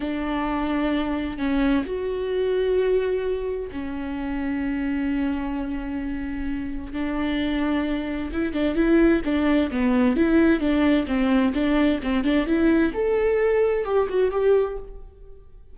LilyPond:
\new Staff \with { instrumentName = "viola" } { \time 4/4 \tempo 4 = 130 d'2. cis'4 | fis'1 | cis'1~ | cis'2. d'4~ |
d'2 e'8 d'8 e'4 | d'4 b4 e'4 d'4 | c'4 d'4 c'8 d'8 e'4 | a'2 g'8 fis'8 g'4 | }